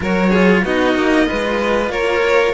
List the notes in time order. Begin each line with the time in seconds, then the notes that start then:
0.00 F#3 F#4 A#4 C#5
0.30 F4 G#4
0.63 B3 D#4 F#4 D#5
0.95 A#3
1.26 G#3 F4 B4
1.89 A#3 A#4 C#5